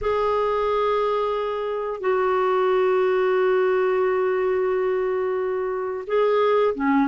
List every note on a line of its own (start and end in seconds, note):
0.01 2.00 G#4
2.00 6.04 F#4
6.06 6.74 G#4
6.74 7.07 C#4